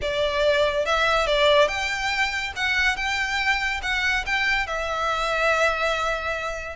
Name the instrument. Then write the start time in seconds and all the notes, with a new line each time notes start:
violin
0.01 D5
0.85 E5
1.26 D5
1.68 G5
2.55 F#5
2.96 G5
3.82 F#5
4.25 G5
4.67 E5